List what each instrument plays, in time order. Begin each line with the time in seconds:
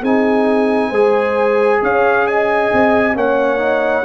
0.00 tuba C4, trombone D#4, horn G#4, trumpet G#5
0.88 tuba G#3, trombone G#4, horn C5
1.82 tuba C#4, horn C#5, trumpet F5
2.26 horn D#5, trumpet G#5
2.73 tuba C4
3.14 tuba A#3, trombone C#4, horn C#5, trumpet F#5
3.58 trombone D#4